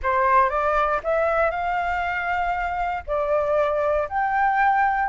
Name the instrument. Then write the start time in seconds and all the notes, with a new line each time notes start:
flute
0.02 C5
0.49 D5
1.03 E5
1.50 F5
3.06 D5
4.08 G5